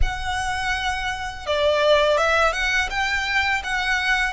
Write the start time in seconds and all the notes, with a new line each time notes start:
0.02 F#5
1.46 D5
2.17 E5
2.53 F#5
2.90 G5
3.63 F#5